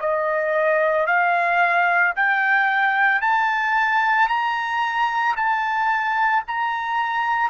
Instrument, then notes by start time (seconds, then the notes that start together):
trumpet
0.00 D#5
1.07 F5
2.16 G5
3.21 A5
4.28 A#5
5.36 A5
6.47 A#5